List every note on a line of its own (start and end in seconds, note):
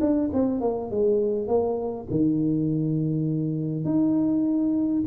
0.00 0.30 D4
0.33 0.60 C4
0.60 0.90 A#3
0.90 1.47 G#3
1.47 2.07 A#3
2.10 3.84 D#3
3.84 5.03 D#4